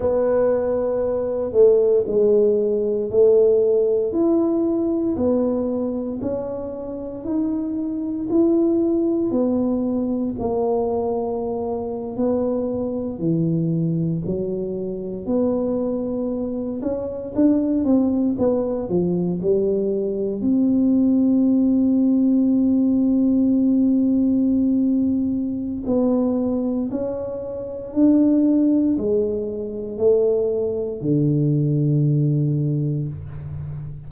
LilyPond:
\new Staff \with { instrumentName = "tuba" } { \time 4/4 \tempo 4 = 58 b4. a8 gis4 a4 | e'4 b4 cis'4 dis'4 | e'4 b4 ais4.~ ais16 b16~ | b8. e4 fis4 b4~ b16~ |
b16 cis'8 d'8 c'8 b8 f8 g4 c'16~ | c'1~ | c'4 b4 cis'4 d'4 | gis4 a4 d2 | }